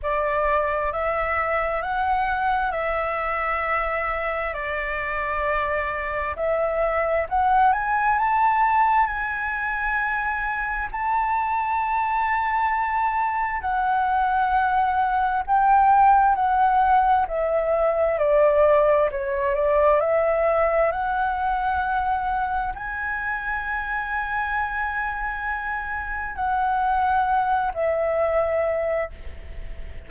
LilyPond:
\new Staff \with { instrumentName = "flute" } { \time 4/4 \tempo 4 = 66 d''4 e''4 fis''4 e''4~ | e''4 d''2 e''4 | fis''8 gis''8 a''4 gis''2 | a''2. fis''4~ |
fis''4 g''4 fis''4 e''4 | d''4 cis''8 d''8 e''4 fis''4~ | fis''4 gis''2.~ | gis''4 fis''4. e''4. | }